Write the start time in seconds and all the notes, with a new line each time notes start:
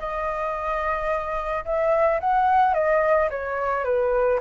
0.00 D#5
1.65 E5
2.21 F#5
2.74 D#5
3.31 C#5
3.85 B4